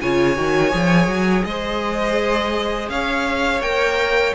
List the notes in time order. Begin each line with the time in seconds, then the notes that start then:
0.00 C#3 F4 C#5 G#5
0.35 D#3 F#4
0.71 F3 G#4
1.06 F#3
1.44 G#3 C5 D#5
2.89 C#4 C#5 F5
3.60 A#3 A#4 G5